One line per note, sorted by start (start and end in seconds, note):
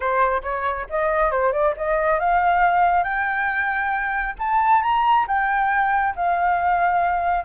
0.00 0.41 C5
0.42 0.86 C#5
0.89 1.31 D#5
1.31 1.52 C5
1.52 1.74 D5
1.76 2.19 D#5
2.19 3.03 F5
3.03 4.35 G5
4.39 4.82 A5
4.82 5.26 A#5
5.27 6.15 G5
6.15 7.44 F5